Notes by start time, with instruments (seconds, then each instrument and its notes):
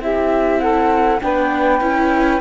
0.00 cello C4, viola E4, saxophone G4, flute E5
0.60 saxophone A4, flute F#5
1.21 cello B3, viola D4, saxophone B4, flute G5
1.80 cello C#4, viola E4